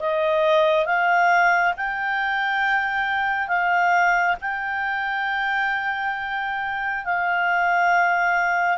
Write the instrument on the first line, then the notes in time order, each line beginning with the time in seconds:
clarinet
0.00 D#5
0.86 F5
1.77 G5
3.48 F5
4.42 G5
7.05 F5